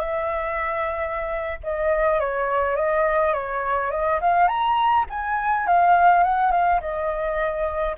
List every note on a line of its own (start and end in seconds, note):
0.00 1.59 E5
1.63 2.19 D#5
2.19 2.76 C#5
2.76 3.33 D#5
3.34 3.91 C#5
3.91 4.20 D#5
4.21 4.48 F5
4.48 5.05 A#5
5.10 5.67 G#5
5.67 6.23 F5
6.23 6.51 F#5
6.51 6.80 F5
6.81 7.96 D#5